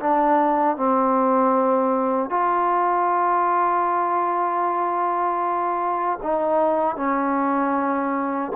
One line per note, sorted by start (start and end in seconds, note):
0.00 0.77 D4
0.77 2.30 C4
2.30 6.20 F4
6.23 6.96 D#4
6.96 8.52 C#4